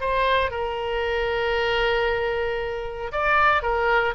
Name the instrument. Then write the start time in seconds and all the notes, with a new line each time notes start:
oboe
0.00 C5
0.51 A#4
3.12 D5
3.62 A#4